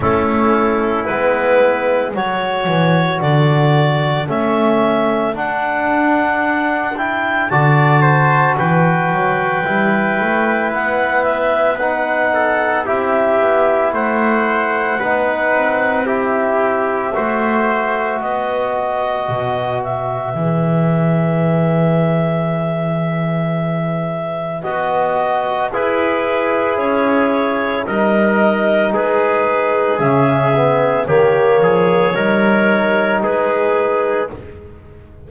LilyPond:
<<
  \new Staff \with { instrumentName = "clarinet" } { \time 4/4 \tempo 4 = 56 a'4 b'4 cis''4 d''4 | e''4 fis''4. g''8 a''4 | g''2 fis''8 e''8 fis''4 | e''4 fis''2 e''4~ |
e''4 dis''4. e''4.~ | e''2. dis''4 | b'4 cis''4 dis''4 b'4 | e''4 cis''2 b'4 | }
  \new Staff \with { instrumentName = "trumpet" } { \time 4/4 e'2 a'2~ | a'2. d''8 c''8 | b'2.~ b'8 a'8 | g'4 c''4 b'4 g'4 |
c''4 b'2.~ | b'1 | gis'2 ais'4 gis'4~ | gis'4 g'8 gis'8 ais'4 gis'4 | }
  \new Staff \with { instrumentName = "trombone" } { \time 4/4 cis'4 b4 fis'2 | cis'4 d'4. e'8 fis'4~ | fis'4 e'2 dis'4 | e'2 dis'4 e'4 |
fis'2. gis'4~ | gis'2. fis'4 | e'2 dis'2 | cis'8 b8 ais4 dis'2 | }
  \new Staff \with { instrumentName = "double bass" } { \time 4/4 a4 gis4 fis8 e8 d4 | a4 d'2 d4 | e8 fis8 g8 a8 b2 | c'8 b8 a4 b8 c'4. |
a4 b4 b,4 e4~ | e2. b4 | e'4 cis'4 g4 gis4 | cis4 dis8 f8 g4 gis4 | }
>>